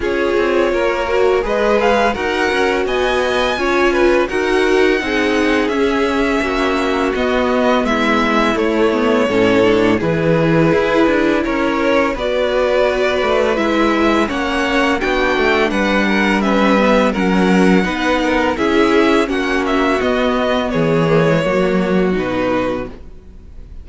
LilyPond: <<
  \new Staff \with { instrumentName = "violin" } { \time 4/4 \tempo 4 = 84 cis''2 dis''8 f''8 fis''4 | gis''2 fis''2 | e''2 dis''4 e''4 | cis''2 b'2 |
cis''4 d''2 e''4 | fis''4 g''4 fis''4 e''4 | fis''2 e''4 fis''8 e''8 | dis''4 cis''2 b'4 | }
  \new Staff \with { instrumentName = "violin" } { \time 4/4 gis'4 ais'4 b'4 ais'4 | dis''4 cis''8 b'8 ais'4 gis'4~ | gis'4 fis'2 e'4~ | e'4 a'4 gis'2 |
ais'4 b'2. | cis''4 fis'4 b'8 ais'8 b'4 | ais'4 b'8 ais'8 gis'4 fis'4~ | fis'4 gis'4 fis'2 | }
  \new Staff \with { instrumentName = "viola" } { \time 4/4 f'4. fis'8 gis'4 fis'4~ | fis'4 f'4 fis'4 dis'4 | cis'2 b2 | a8 b8 cis'8 d'8 e'2~ |
e'4 fis'2 e'4 | cis'4 d'2 cis'8 b8 | cis'4 dis'4 e'4 cis'4 | b4. ais16 gis16 ais4 dis'4 | }
  \new Staff \with { instrumentName = "cello" } { \time 4/4 cis'8 c'8 ais4 gis4 dis'8 cis'8 | b4 cis'4 dis'4 c'4 | cis'4 ais4 b4 gis4 | a4 a,4 e4 e'8 d'8 |
cis'4 b4. a8 gis4 | ais4 b8 a8 g2 | fis4 b4 cis'4 ais4 | b4 e4 fis4 b,4 | }
>>